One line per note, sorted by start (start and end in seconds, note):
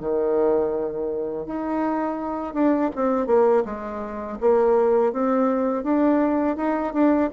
0.00 1.46 D#3
1.46 2.53 D#4
2.53 2.90 D4
2.95 3.27 C4
3.27 3.63 A#3
3.65 4.38 G#3
4.40 5.13 A#3
5.13 5.83 C4
5.83 6.57 D4
6.57 6.93 D#4
6.93 7.30 D4